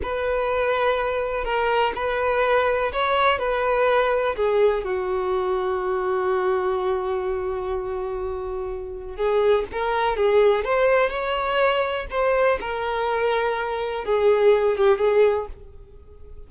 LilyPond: \new Staff \with { instrumentName = "violin" } { \time 4/4 \tempo 4 = 124 b'2. ais'4 | b'2 cis''4 b'4~ | b'4 gis'4 fis'2~ | fis'1~ |
fis'2. gis'4 | ais'4 gis'4 c''4 cis''4~ | cis''4 c''4 ais'2~ | ais'4 gis'4. g'8 gis'4 | }